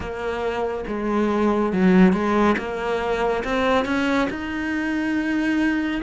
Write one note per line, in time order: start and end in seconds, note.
0.00 0.84 A#3
0.87 1.73 G#3
1.73 2.12 F#3
2.12 2.55 G#3
2.58 3.43 A#3
3.44 3.85 C4
3.85 4.27 C#4
4.30 6.01 D#4